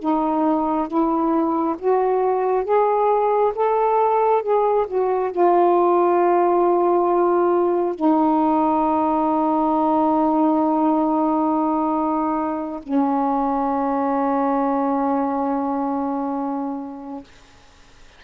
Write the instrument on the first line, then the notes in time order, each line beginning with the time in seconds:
saxophone
0.00 D#4
0.88 E4
1.79 F#4
2.65 G#4
3.55 A4
4.42 G#4
4.88 F#4
5.32 F4
7.95 D#4
12.83 C#4